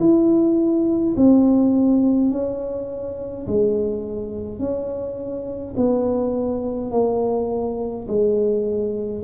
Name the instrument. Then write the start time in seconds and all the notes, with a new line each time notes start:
tuba
0.00 E4
1.17 C4
2.31 C#4
3.48 G#3
4.59 C#4
5.77 B3
6.92 A#3
8.08 G#3